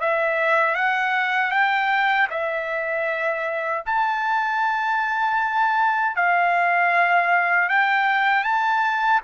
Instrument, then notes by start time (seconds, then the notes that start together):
trumpet
0.00 E5
0.75 F#5
1.51 G5
2.30 E5
3.86 A5
6.16 F5
7.69 G5
8.44 A5